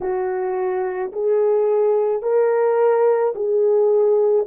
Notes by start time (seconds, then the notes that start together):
0.00 F#4
1.12 G#4
2.22 A#4
3.35 G#4